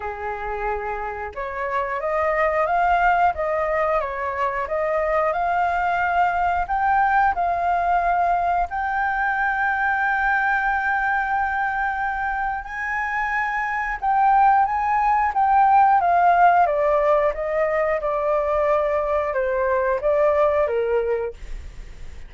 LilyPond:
\new Staff \with { instrumentName = "flute" } { \time 4/4 \tempo 4 = 90 gis'2 cis''4 dis''4 | f''4 dis''4 cis''4 dis''4 | f''2 g''4 f''4~ | f''4 g''2.~ |
g''2. gis''4~ | gis''4 g''4 gis''4 g''4 | f''4 d''4 dis''4 d''4~ | d''4 c''4 d''4 ais'4 | }